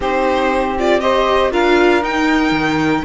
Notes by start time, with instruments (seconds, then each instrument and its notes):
0.00 cello C4, viola D#4, saxophone G4, violin C5
0.78 viola F4, violin D5
1.00 viola G4, saxophone C5, violin D#5
1.51 cello D4, viola F4, saxophone A#4, violin F5
2.02 cello D#4, viola D#4, violin G5
2.51 cello D#3